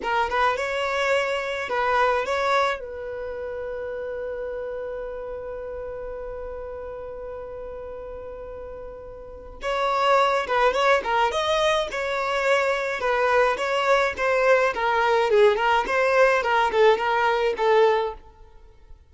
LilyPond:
\new Staff \with { instrumentName = "violin" } { \time 4/4 \tempo 4 = 106 ais'8 b'8 cis''2 b'4 | cis''4 b'2.~ | b'1~ | b'1~ |
b'4 cis''4. b'8 cis''8 ais'8 | dis''4 cis''2 b'4 | cis''4 c''4 ais'4 gis'8 ais'8 | c''4 ais'8 a'8 ais'4 a'4 | }